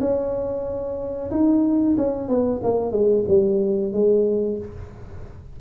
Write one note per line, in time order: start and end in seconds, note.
0.00 1.30 C#4
1.30 1.96 D#4
1.97 2.28 C#4
2.28 2.61 B3
2.63 2.91 A#3
2.91 3.24 G#3
3.28 3.93 G3
3.93 4.58 G#3